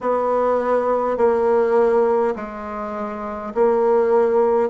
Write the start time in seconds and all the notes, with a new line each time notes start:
0.00 B3
1.17 A#3
2.35 G#3
3.54 A#3